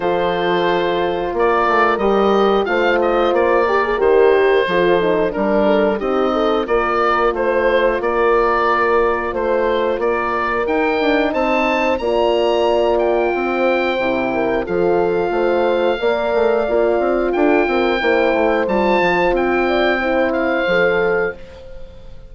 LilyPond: <<
  \new Staff \with { instrumentName = "oboe" } { \time 4/4 \tempo 4 = 90 c''2 d''4 dis''4 | f''8 dis''8 d''4 c''2 | ais'4 dis''4 d''4 c''4 | d''2 c''4 d''4 |
g''4 a''4 ais''4. g''8~ | g''2 f''2~ | f''2 g''2 | a''4 g''4. f''4. | }
  \new Staff \with { instrumentName = "horn" } { \time 4/4 a'2 ais'2 | c''4. ais'4. a'4 | ais'8 a'8 g'8 a'8 ais'4 c''4 | ais'2 c''4 ais'4~ |
ais'4 c''4 d''2 | c''4. ais'8 a'4 c''4 | d''2 a'8 ais'8 c''4~ | c''4. d''8 c''2 | }
  \new Staff \with { instrumentName = "horn" } { \time 4/4 f'2. g'4 | f'4. g'16 gis'16 g'4 f'8 dis'8 | d'4 dis'4 f'2~ | f'1 |
dis'2 f'2~ | f'4 e'4 f'2 | ais'4 f'2 e'4 | f'2 e'4 a'4 | }
  \new Staff \with { instrumentName = "bassoon" } { \time 4/4 f2 ais8 a8 g4 | a4 ais4 dis4 f4 | g4 c'4 ais4 a4 | ais2 a4 ais4 |
dis'8 d'8 c'4 ais2 | c'4 c4 f4 a4 | ais8 a8 ais8 c'8 d'8 c'8 ais8 a8 | g8 f8 c'2 f4 | }
>>